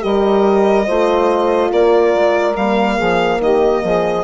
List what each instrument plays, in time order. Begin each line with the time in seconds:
0.00 bassoon G3, horn G4, saxophone A#4, violin D#5
0.86 bassoon A3, horn F4, saxophone C5
1.71 bassoon A#3, saxophone A#4, violin D5
2.14 bassoon G#3
2.56 bassoon G3, horn A#3, violin F5
2.95 bassoon F3, saxophone G#4
3.39 bassoon D#3, saxophone G4, violin D#5
3.83 bassoon F3, saxophone G#4